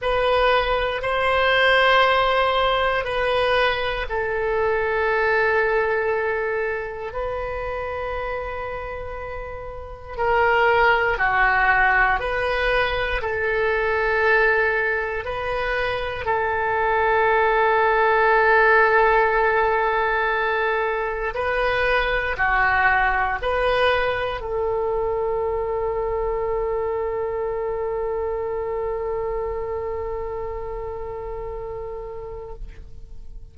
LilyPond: \new Staff \with { instrumentName = "oboe" } { \time 4/4 \tempo 4 = 59 b'4 c''2 b'4 | a'2. b'4~ | b'2 ais'4 fis'4 | b'4 a'2 b'4 |
a'1~ | a'4 b'4 fis'4 b'4 | a'1~ | a'1 | }